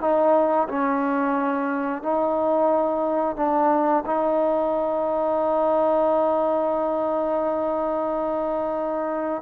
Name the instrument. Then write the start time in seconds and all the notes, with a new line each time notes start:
trombone
0.00 D#4
0.68 C#4
2.02 D#4
3.36 D4
4.06 D#4